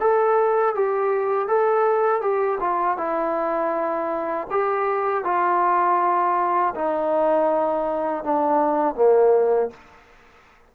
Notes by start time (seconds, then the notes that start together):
0.00 A4
0.74 G4
1.47 A4
2.21 G4
2.60 F4
2.97 E4
4.50 G4
5.24 F4
6.74 D#4
8.23 D4
8.95 A#3